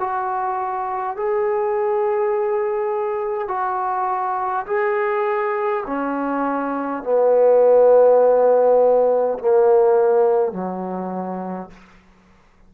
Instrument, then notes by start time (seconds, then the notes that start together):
trombone
0.00 F#4
1.17 G#4
3.48 F#4
4.67 G#4
5.87 C#4
7.03 B3
9.39 A#3
10.52 F#3